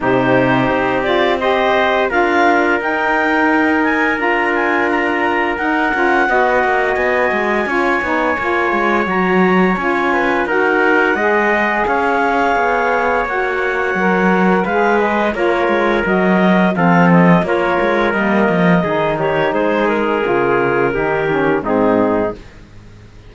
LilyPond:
<<
  \new Staff \with { instrumentName = "clarinet" } { \time 4/4 \tempo 4 = 86 c''4. d''8 dis''4 f''4 | g''4. gis''8 ais''8 gis''8 ais''4 | fis''2 gis''2~ | gis''4 ais''4 gis''4 fis''4~ |
fis''4 f''2 fis''4~ | fis''4 f''8 dis''8 cis''4 dis''4 | f''8 dis''8 cis''4 dis''4. cis''8 | c''8 ais'2~ ais'8 gis'4 | }
  \new Staff \with { instrumentName = "trumpet" } { \time 4/4 g'2 c''4 ais'4~ | ais'1~ | ais'4 dis''2 cis''4~ | cis''2~ cis''8 b'8 ais'4 |
dis''4 cis''2.~ | cis''4 b'4 ais'2 | a'4 ais'2 gis'8 g'8 | gis'2 g'4 dis'4 | }
  \new Staff \with { instrumentName = "saxophone" } { \time 4/4 dis'4. f'8 g'4 f'4 | dis'2 f'2 | dis'8 f'8 fis'2 f'8 dis'8 | f'4 fis'4 f'4 fis'4 |
gis'2. fis'4 | ais'4 gis'4 f'4 fis'4 | c'4 f'4 ais4 dis'4~ | dis'4 f'4 dis'8 cis'8 c'4 | }
  \new Staff \with { instrumentName = "cello" } { \time 4/4 c4 c'2 d'4 | dis'2 d'2 | dis'8 cis'8 b8 ais8 b8 gis8 cis'8 b8 | ais8 gis8 fis4 cis'4 dis'4 |
gis4 cis'4 b4 ais4 | fis4 gis4 ais8 gis8 fis4 | f4 ais8 gis8 g8 f8 dis4 | gis4 cis4 dis4 gis,4 | }
>>